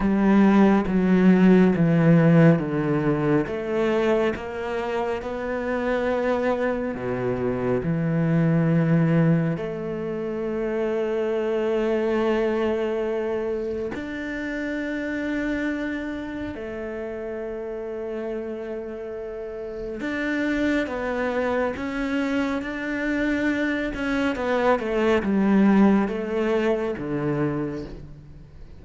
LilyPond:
\new Staff \with { instrumentName = "cello" } { \time 4/4 \tempo 4 = 69 g4 fis4 e4 d4 | a4 ais4 b2 | b,4 e2 a4~ | a1 |
d'2. a4~ | a2. d'4 | b4 cis'4 d'4. cis'8 | b8 a8 g4 a4 d4 | }